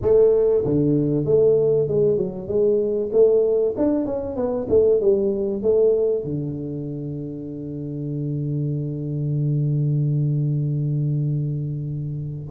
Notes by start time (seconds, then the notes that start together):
0.01 A3
0.64 D3
1.25 A3
1.88 G#3
2.17 F#3
2.48 G#3
3.12 A3
3.77 D4
4.05 C#4
4.36 B3
4.69 A3
5.00 G3
5.62 A3
6.24 D3